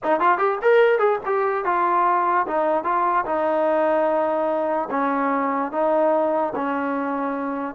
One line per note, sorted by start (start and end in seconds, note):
0.03 0.20 D#4
0.20 0.38 F4
0.38 0.58 G4
0.62 0.98 A#4
0.98 1.19 G#4
1.25 1.64 G4
1.64 2.46 F4
2.47 2.83 D#4
2.83 3.24 F4
3.25 4.88 D#4
4.90 5.71 C#4
5.71 6.53 D#4
6.55 7.75 C#4